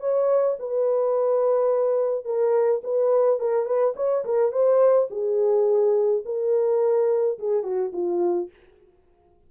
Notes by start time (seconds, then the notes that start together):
0.00 C#5
0.59 B4
2.25 A#4
2.84 B4
3.40 A#4
3.66 B4
3.96 C#5
4.25 A#4
4.52 C5
5.10 G#4
6.25 A#4
7.39 G#4
7.63 F#4
7.93 F4